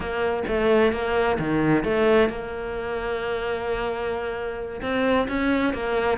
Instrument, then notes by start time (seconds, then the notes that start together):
cello
0.00 A#3
0.47 A3
0.92 A#3
1.38 D#3
1.83 A3
2.29 A#3
4.81 C4
5.28 C#4
5.73 A#3